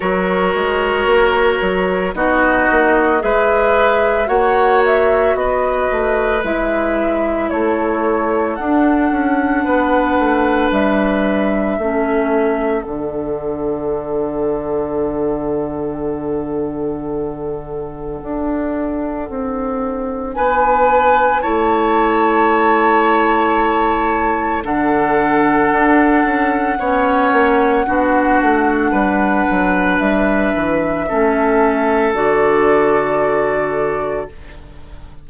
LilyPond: <<
  \new Staff \with { instrumentName = "flute" } { \time 4/4 \tempo 4 = 56 cis''2 dis''4 e''4 | fis''8 e''8 dis''4 e''4 cis''4 | fis''2 e''2 | fis''1~ |
fis''2. gis''4 | a''2. fis''4~ | fis''1 | e''2 d''2 | }
  \new Staff \with { instrumentName = "oboe" } { \time 4/4 ais'2 fis'4 b'4 | cis''4 b'2 a'4~ | a'4 b'2 a'4~ | a'1~ |
a'2. b'4 | cis''2. a'4~ | a'4 cis''4 fis'4 b'4~ | b'4 a'2. | }
  \new Staff \with { instrumentName = "clarinet" } { \time 4/4 fis'2 dis'4 gis'4 | fis'2 e'2 | d'2. cis'4 | d'1~ |
d'1 | e'2. d'4~ | d'4 cis'4 d'2~ | d'4 cis'4 fis'2 | }
  \new Staff \with { instrumentName = "bassoon" } { \time 4/4 fis8 gis8 ais8 fis8 b8 ais8 gis4 | ais4 b8 a8 gis4 a4 | d'8 cis'8 b8 a8 g4 a4 | d1~ |
d4 d'4 c'4 b4 | a2. d4 | d'8 cis'8 b8 ais8 b8 a8 g8 fis8 | g8 e8 a4 d2 | }
>>